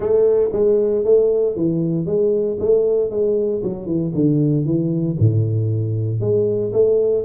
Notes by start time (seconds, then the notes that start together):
0.00 A3
0.52 G#3
1.04 A3
1.55 E3
2.05 G#3
2.59 A3
3.10 G#3
3.63 F#3
3.85 E3
4.14 D3
4.65 E3
5.19 A2
6.20 G#3
6.72 A3